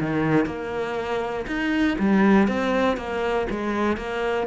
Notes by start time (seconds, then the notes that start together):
0.00 D#3
0.46 A#3
1.47 D#4
1.99 G3
2.48 C4
2.97 A#3
3.50 G#3
3.97 A#3